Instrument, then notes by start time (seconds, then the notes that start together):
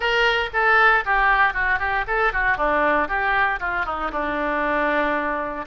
oboe
0.00 A#4
0.53 A4
1.05 G4
1.53 F#4
1.79 G4
2.07 A4
2.32 F#4
2.57 D4
3.08 G4
3.60 F4
3.85 D#4
4.11 D4